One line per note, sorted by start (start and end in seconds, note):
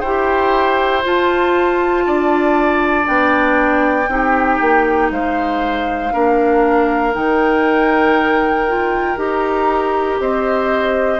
0.00 1.04 E4
0.00 1.03 G4
0.00 2.03 C5
0.00 1.02 G5
1.03 3.03 F4
1.03 2.06 F4
1.03 3.07 A5
2.06 3.08 D4
2.06 4.10 D5
3.03 4.07 B3
3.03 4.05 D4
3.03 5.11 G5
4.07 4.58 C4
4.07 6.12 D#4
4.07 5.12 G4
4.61 5.10 A#3
5.10 6.12 G#3
5.10 6.13 C5
5.10 7.14 F5
6.12 7.15 A#3
6.12 7.13 D4
6.12 10.19 A#4
7.13 9.17 D#3
7.13 8.65 D#4
7.13 9.17 G5
8.67 9.16 F4
9.16 10.18 D#4
9.16 11.19 G4
9.16 10.19 A#5
10.19 11.19 C4
10.19 11.19 C5
10.19 11.19 D#5